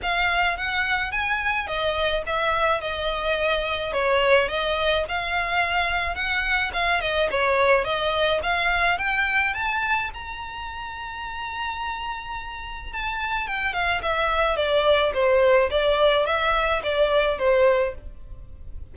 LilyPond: \new Staff \with { instrumentName = "violin" } { \time 4/4 \tempo 4 = 107 f''4 fis''4 gis''4 dis''4 | e''4 dis''2 cis''4 | dis''4 f''2 fis''4 | f''8 dis''8 cis''4 dis''4 f''4 |
g''4 a''4 ais''2~ | ais''2. a''4 | g''8 f''8 e''4 d''4 c''4 | d''4 e''4 d''4 c''4 | }